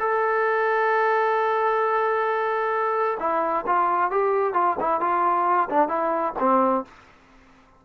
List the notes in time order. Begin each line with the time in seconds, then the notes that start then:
0.00 A4
3.20 E4
3.67 F4
4.11 G4
4.54 F4
4.80 E4
5.01 F4
5.70 D4
5.89 E4
6.39 C4